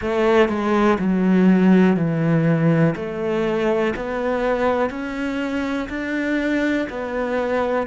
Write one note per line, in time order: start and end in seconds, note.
0.00 0.48 A3
0.48 0.97 G#3
0.98 1.96 F#3
1.96 2.95 E3
2.95 3.93 A3
3.96 4.90 B3
4.90 5.88 C#4
5.89 6.87 D4
6.89 7.86 B3